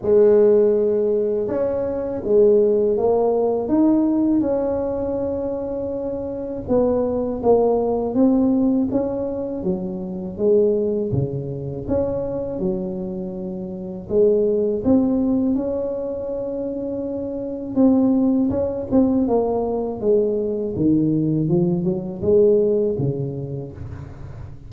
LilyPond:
\new Staff \with { instrumentName = "tuba" } { \time 4/4 \tempo 4 = 81 gis2 cis'4 gis4 | ais4 dis'4 cis'2~ | cis'4 b4 ais4 c'4 | cis'4 fis4 gis4 cis4 |
cis'4 fis2 gis4 | c'4 cis'2. | c'4 cis'8 c'8 ais4 gis4 | dis4 f8 fis8 gis4 cis4 | }